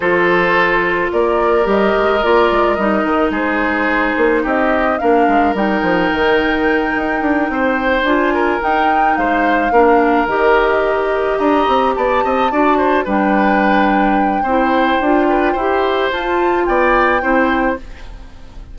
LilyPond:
<<
  \new Staff \with { instrumentName = "flute" } { \time 4/4 \tempo 4 = 108 c''2 d''4 dis''4 | d''4 dis''4 c''2 | dis''4 f''4 g''2~ | g''2~ g''8 gis''4 g''8~ |
g''8 f''2 dis''4.~ | dis''8 ais''4 a''2 g''8~ | g''1~ | g''4 a''4 g''2 | }
  \new Staff \with { instrumentName = "oboe" } { \time 4/4 a'2 ais'2~ | ais'2 gis'2 | g'4 ais'2.~ | ais'4. c''4. ais'4~ |
ais'8 c''4 ais'2~ ais'8~ | ais'8 dis''4 d''8 dis''8 d''8 c''8 b'8~ | b'2 c''4. b'8 | c''2 d''4 c''4 | }
  \new Staff \with { instrumentName = "clarinet" } { \time 4/4 f'2. g'4 | f'4 dis'2.~ | dis'4 d'4 dis'2~ | dis'2~ dis'8 f'4 dis'8~ |
dis'4. d'4 g'4.~ | g'2~ g'8 fis'4 d'8~ | d'2 e'4 f'4 | g'4 f'2 e'4 | }
  \new Staff \with { instrumentName = "bassoon" } { \time 4/4 f2 ais4 g8 gis8 | ais8 gis8 g8 dis8 gis4. ais8 | c'4 ais8 gis8 g8 f8 dis4~ | dis8 dis'8 d'8 c'4 d'4 dis'8~ |
dis'8 gis4 ais4 dis4.~ | dis8 d'8 c'8 b8 c'8 d'4 g8~ | g2 c'4 d'4 | e'4 f'4 b4 c'4 | }
>>